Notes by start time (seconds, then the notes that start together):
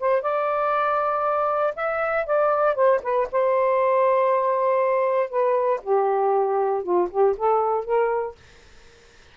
0.00 C5
0.22 D5
1.76 E5
2.27 D5
2.75 C5
3.03 B4
3.32 C5
5.30 B4
5.83 G4
6.83 F4
7.11 G4
7.37 A4
7.85 A#4